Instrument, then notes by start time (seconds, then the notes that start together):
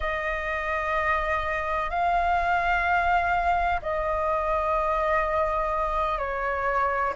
flute
0.00 D#5
1.90 F5
3.82 D#5
6.18 C#5